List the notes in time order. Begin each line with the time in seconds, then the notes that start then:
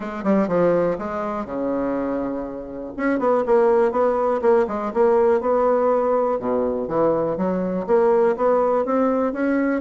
0.00 G#3
0.23 G3
0.48 F3
0.98 G#3
1.45 C#3
2.96 C#4
3.19 B3
3.46 A#3
3.91 B3
4.41 A#3
4.67 G#3
4.93 A#3
5.41 B3
6.39 B2
6.88 E3
7.37 F#3
7.86 A#3
8.36 B3
8.85 C4
9.33 C#4